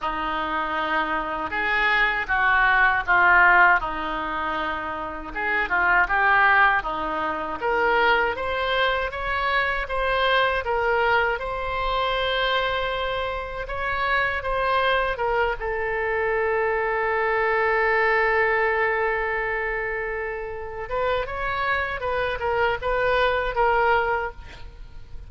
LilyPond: \new Staff \with { instrumentName = "oboe" } { \time 4/4 \tempo 4 = 79 dis'2 gis'4 fis'4 | f'4 dis'2 gis'8 f'8 | g'4 dis'4 ais'4 c''4 | cis''4 c''4 ais'4 c''4~ |
c''2 cis''4 c''4 | ais'8 a'2.~ a'8~ | a'2.~ a'8 b'8 | cis''4 b'8 ais'8 b'4 ais'4 | }